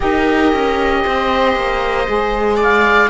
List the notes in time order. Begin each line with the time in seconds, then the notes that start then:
0.00 D#4 G4 A#4 D#5
0.52 C#4
1.03 C4 C5
1.55 A#3
2.06 G#3 G#4
2.56 D5
2.62 F5